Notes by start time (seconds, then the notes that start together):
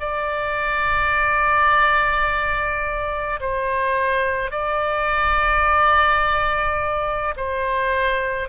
0.00 D5
3.40 C5
4.51 D5
7.37 C5